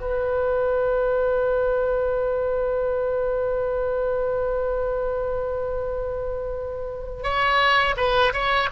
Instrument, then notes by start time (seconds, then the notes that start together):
oboe
0.00 B4
7.23 C#5
7.96 B4
8.33 C#5